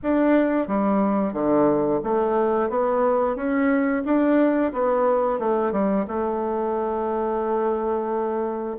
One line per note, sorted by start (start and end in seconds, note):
0.02 0.67 D4
0.67 1.33 G3
1.33 2.00 D3
2.03 2.69 A3
2.69 3.36 B3
3.36 4.03 C#4
4.05 4.72 D4
4.73 5.39 B3
5.39 5.72 A3
5.72 6.05 G3
6.07 8.77 A3